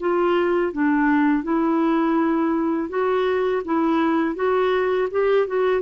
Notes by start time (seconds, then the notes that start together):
0.00 F4
0.73 D4
1.43 E4
2.89 F#4
3.65 E4
4.35 F#4
5.11 G4
5.47 F#4